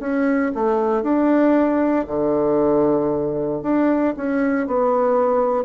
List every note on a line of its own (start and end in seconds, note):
0.00 0.52 C#4
0.55 1.03 A3
1.03 2.06 D4
2.07 3.63 D3
3.63 4.14 D4
4.17 4.67 C#4
4.67 5.65 B3